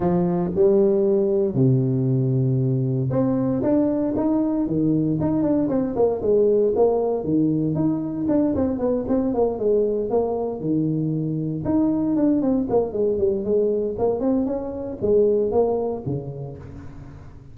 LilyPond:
\new Staff \with { instrumentName = "tuba" } { \time 4/4 \tempo 4 = 116 f4 g2 c4~ | c2 c'4 d'4 | dis'4 dis4 dis'8 d'8 c'8 ais8 | gis4 ais4 dis4 dis'4 |
d'8 c'8 b8 c'8 ais8 gis4 ais8~ | ais8 dis2 dis'4 d'8 | c'8 ais8 gis8 g8 gis4 ais8 c'8 | cis'4 gis4 ais4 cis4 | }